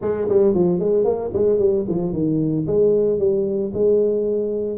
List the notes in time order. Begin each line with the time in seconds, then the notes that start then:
0.01 G#3
0.28 G3
0.54 F3
0.79 G#3
1.04 A#3
1.33 G#3
1.59 G3
1.88 F3
2.12 D#3
2.66 G#3
3.18 G3
3.73 G#3